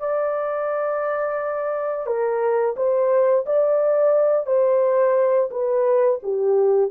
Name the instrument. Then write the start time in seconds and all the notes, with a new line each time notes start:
horn
0.00 D5
2.07 A#4
2.77 C5
3.46 D5
4.47 C5
5.51 B4
6.23 G4